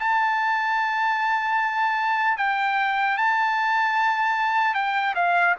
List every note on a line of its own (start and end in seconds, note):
0.00 2.38 A5
2.38 3.18 G5
3.18 4.75 A5
4.75 5.15 G5
5.16 5.56 F5